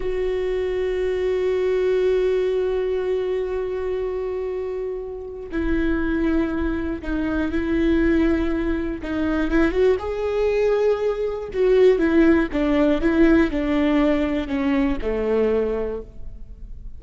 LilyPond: \new Staff \with { instrumentName = "viola" } { \time 4/4 \tempo 4 = 120 fis'1~ | fis'1~ | fis'2. e'4~ | e'2 dis'4 e'4~ |
e'2 dis'4 e'8 fis'8 | gis'2. fis'4 | e'4 d'4 e'4 d'4~ | d'4 cis'4 a2 | }